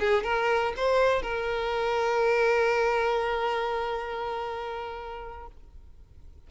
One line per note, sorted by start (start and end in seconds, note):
0.00 0.24 G#4
0.24 0.74 A#4
0.77 1.22 C5
1.22 5.47 A#4